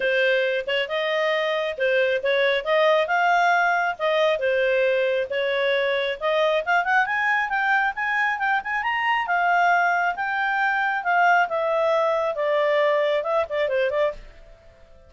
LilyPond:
\new Staff \with { instrumentName = "clarinet" } { \time 4/4 \tempo 4 = 136 c''4. cis''8 dis''2 | c''4 cis''4 dis''4 f''4~ | f''4 dis''4 c''2 | cis''2 dis''4 f''8 fis''8 |
gis''4 g''4 gis''4 g''8 gis''8 | ais''4 f''2 g''4~ | g''4 f''4 e''2 | d''2 e''8 d''8 c''8 d''8 | }